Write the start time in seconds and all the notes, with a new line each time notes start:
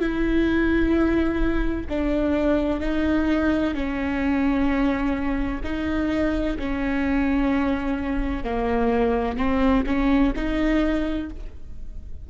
0.00 E4
1.90 D4
2.81 D#4
3.75 C#4
5.64 D#4
6.59 C#4
8.45 A#3
9.37 C4
9.87 C#4
10.36 D#4